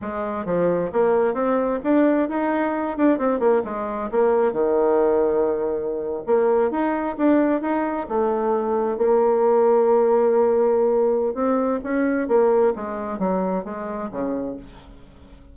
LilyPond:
\new Staff \with { instrumentName = "bassoon" } { \time 4/4 \tempo 4 = 132 gis4 f4 ais4 c'4 | d'4 dis'4. d'8 c'8 ais8 | gis4 ais4 dis2~ | dis4.~ dis16 ais4 dis'4 d'16~ |
d'8. dis'4 a2 ais16~ | ais1~ | ais4 c'4 cis'4 ais4 | gis4 fis4 gis4 cis4 | }